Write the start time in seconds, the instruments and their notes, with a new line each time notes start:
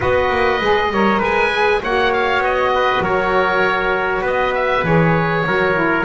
0.00 double bass B3, saxophone F#4, trumpet B4, oboe D#5
0.29 double bass A#3
0.60 double bass G#3, saxophone G#4
0.90 double bass G3, saxophone A#4, trumpet C#5
1.19 double bass G#3, trumpet B4, oboe G#5
1.51 saxophone G#4
1.82 double bass A#3, saxophone F#4, trumpet C#5, oboe F#5
2.12 oboe F5
2.38 double bass B3, oboe D#5
2.74 trumpet B4
3.00 double bass F#3, trumpet A#4, oboe C#5
4.21 double bass B3, trumpet B4, oboe D#5
4.54 oboe E5
4.83 double bass E3, saxophone G#4, oboe C#5
5.46 double bass F#3, saxophone F#4, trumpet A#4
5.74 saxophone E4